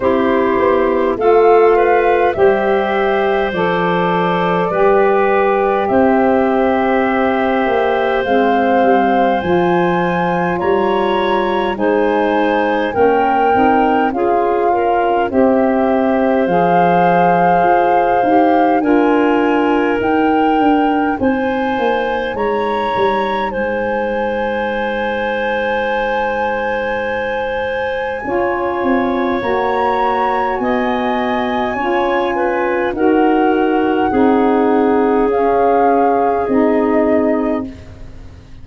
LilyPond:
<<
  \new Staff \with { instrumentName = "flute" } { \time 4/4 \tempo 4 = 51 c''4 f''4 e''4 d''4~ | d''4 e''2 f''4 | gis''4 ais''4 gis''4 g''4 | f''4 e''4 f''2 |
gis''4 g''4 gis''4 ais''4 | gis''1~ | gis''4 ais''4 gis''2 | fis''2 f''4 dis''4 | }
  \new Staff \with { instrumentName = "clarinet" } { \time 4/4 g'4 a'8 b'8 c''2 | b'4 c''2.~ | c''4 cis''4 c''4 ais'4 | gis'8 ais'8 c''2. |
ais'2 c''4 cis''4 | c''1 | cis''2 dis''4 cis''8 b'8 | ais'4 gis'2. | }
  \new Staff \with { instrumentName = "saxophone" } { \time 4/4 e'4 f'4 g'4 a'4 | g'2. c'4 | f'2 dis'4 cis'8 dis'8 | f'4 g'4 gis'4. g'8 |
f'4 dis'2.~ | dis'1 | f'4 fis'2 f'4 | fis'4 dis'4 cis'4 dis'4 | }
  \new Staff \with { instrumentName = "tuba" } { \time 4/4 c'8 b8 a4 g4 f4 | g4 c'4. ais8 gis8 g8 | f4 g4 gis4 ais8 c'8 | cis'4 c'4 f4 f'8 dis'8 |
d'4 dis'8 d'8 c'8 ais8 gis8 g8 | gis1 | cis'8 c'8 ais4 b4 cis'4 | dis'4 c'4 cis'4 c'4 | }
>>